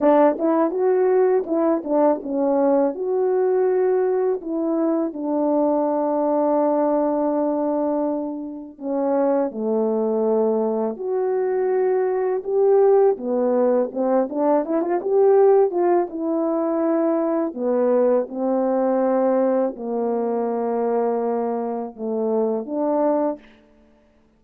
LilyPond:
\new Staff \with { instrumentName = "horn" } { \time 4/4 \tempo 4 = 82 d'8 e'8 fis'4 e'8 d'8 cis'4 | fis'2 e'4 d'4~ | d'1 | cis'4 a2 fis'4~ |
fis'4 g'4 b4 c'8 d'8 | e'16 f'16 g'4 f'8 e'2 | b4 c'2 ais4~ | ais2 a4 d'4 | }